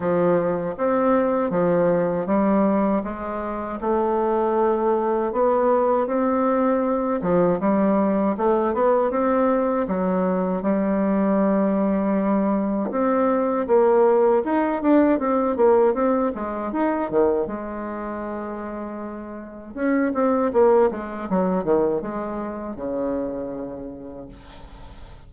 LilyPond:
\new Staff \with { instrumentName = "bassoon" } { \time 4/4 \tempo 4 = 79 f4 c'4 f4 g4 | gis4 a2 b4 | c'4. f8 g4 a8 b8 | c'4 fis4 g2~ |
g4 c'4 ais4 dis'8 d'8 | c'8 ais8 c'8 gis8 dis'8 dis8 gis4~ | gis2 cis'8 c'8 ais8 gis8 | fis8 dis8 gis4 cis2 | }